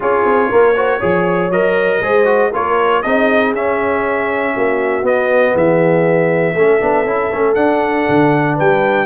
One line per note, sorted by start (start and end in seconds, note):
0.00 0.24 C#4
0.00 0.74 F4
0.00 0.49 G#4
0.00 1.51 C#5
0.24 0.50 C4
0.49 1.02 A#3
0.49 0.74 A#4
0.76 1.00 F#4
0.76 0.98 C5
0.98 1.50 F3
0.98 1.51 G#4
0.98 1.99 C#5
1.50 2.00 F#3
1.50 2.02 A#4
1.50 2.52 D#5
2.01 2.51 G#3
2.01 2.25 G#4
2.01 2.50 C5
2.25 2.50 F#4
2.50 3.04 A#3
2.50 3.03 F4
2.50 3.01 A#4
2.50 3.02 C#5
3.02 3.53 C4
3.02 3.55 D#4
3.02 4.53 G#4
3.02 3.53 D#5
3.53 4.54 C#4
3.53 5.03 C#4
3.53 5.06 E5
4.53 5.03 A#3
4.53 5.53 F#4
5.03 5.53 B3
5.03 6.54 B3
5.03 5.56 D#5
5.53 6.55 E3
5.53 6.54 G#4
5.53 7.54 E5
6.54 6.80 A3
6.54 6.80 C#4
6.54 8.55 A4
6.80 7.05 B3
6.80 7.05 D4
7.05 7.30 C#4
7.05 7.31 E4
7.32 7.56 A3
7.32 7.56 C#4
7.54 8.06 D4
7.54 9.05 D4
7.54 8.55 F#5
8.08 8.59 D3
8.55 9.05 G3
8.55 9.05 B4
8.55 9.05 G5